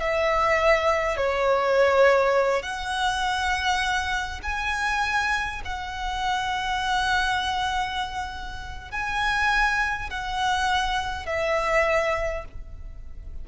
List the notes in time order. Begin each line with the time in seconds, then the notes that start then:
0.00 E5
1.17 C#5
2.62 F#5
4.43 G#5
5.65 F#5
8.91 G#5
10.10 F#5
11.26 E5